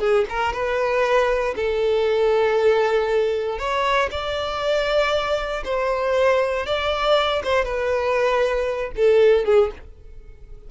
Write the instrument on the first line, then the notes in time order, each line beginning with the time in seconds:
violin
0.00 G#4
0.30 A#4
0.53 B4
1.56 A4
3.59 C#5
4.11 D5
5.65 C5
6.67 D5
7.44 C5
7.65 B4
8.97 A4
9.46 G#4